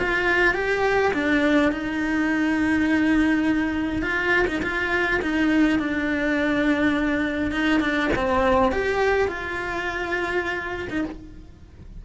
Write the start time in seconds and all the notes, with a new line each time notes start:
0.00 F4
0.55 G4
1.14 D4
1.72 D#4
4.02 F4
4.48 D#4
4.63 F4
5.22 D#4
5.80 D4
7.52 D#4
7.81 D4
8.16 C4
8.72 G4
9.28 F4
10.90 D#4